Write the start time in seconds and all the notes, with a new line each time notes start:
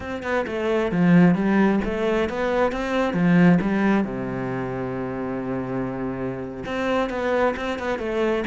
0.00 C4
0.23 B3
0.46 A3
0.91 F3
1.34 G3
1.84 A3
2.29 B3
2.71 C4
3.13 F3
3.61 G3
4.04 C3
6.65 C4
7.09 B3
7.56 C4
7.78 B3
7.98 A3